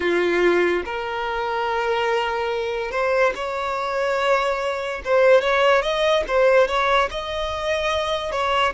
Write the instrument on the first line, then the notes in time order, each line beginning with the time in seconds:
violin
0.00 F4
0.85 A#4
2.91 C5
3.35 C#5
5.04 C5
5.41 C#5
5.81 D#5
6.27 C5
6.67 C#5
7.10 D#5
8.31 C#5